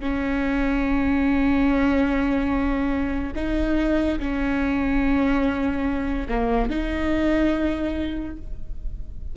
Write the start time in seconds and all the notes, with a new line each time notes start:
0.00 C#4
3.36 D#4
4.19 C#4
6.28 A#3
6.70 D#4